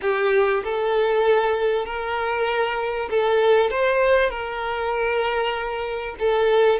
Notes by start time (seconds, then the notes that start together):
0.01 G4
0.64 A4
1.85 A#4
3.10 A4
3.70 C5
4.30 A#4
6.19 A4